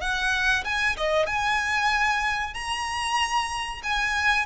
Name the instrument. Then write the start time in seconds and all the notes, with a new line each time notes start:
violin
0.00 F#5
0.64 G#5
0.97 D#5
1.26 G#5
2.54 A#5
3.83 G#5